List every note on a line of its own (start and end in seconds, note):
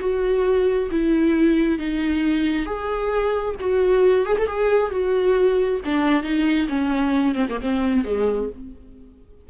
0.00 0.90 F#4
0.91 1.78 E4
1.78 2.66 D#4
2.66 3.55 G#4
3.60 4.26 F#4
4.26 4.37 G#4
4.38 4.47 A4
4.47 4.91 G#4
4.91 5.81 F#4
5.85 6.23 D4
6.23 6.68 D#4
6.69 7.35 C#4
7.35 7.46 C4
7.50 7.61 A#3
7.61 8.05 C4
8.05 8.50 G#3